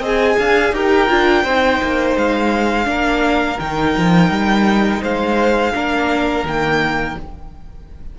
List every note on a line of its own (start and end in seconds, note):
0.00 0.36 C4
0.00 0.74 G#4
0.00 0.36 D#5
0.07 0.75 G#5
0.39 0.72 D4
0.39 0.75 F5
0.72 1.08 D#4
0.72 1.09 G4
0.72 1.44 A#4
0.72 2.18 G5
1.09 1.45 D4
1.09 1.45 F4
1.44 1.81 C4
1.44 2.85 D#4
1.44 2.86 C5
1.83 2.17 A#3
2.17 2.87 G#3
2.17 3.60 F5
2.85 3.58 A#3
2.85 3.56 D4
2.91 5.02 A#4
3.60 3.96 D#3
3.60 5.74 D#4
3.60 5.02 G5
3.97 4.30 F3
4.30 5.02 G3
5.02 5.75 G#3
5.02 5.73 C5
5.02 6.47 F5
5.74 6.44 A#3
5.74 6.45 D4
5.74 7.18 A#4
6.44 7.15 D#3
6.44 7.18 A#3
6.44 7.19 G5